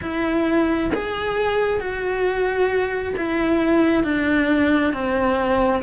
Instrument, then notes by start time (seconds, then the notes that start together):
cello
0.01 E4
0.93 G#4
1.80 F#4
3.17 E4
4.03 D4
4.93 C4